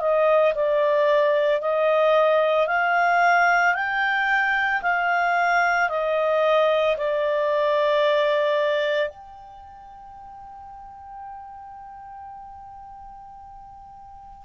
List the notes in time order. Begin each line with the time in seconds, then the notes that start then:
0.00 D#5
0.55 D5
1.62 D#5
2.68 F5
3.75 G5
4.82 F5
5.89 D#5
6.97 D5
9.09 G5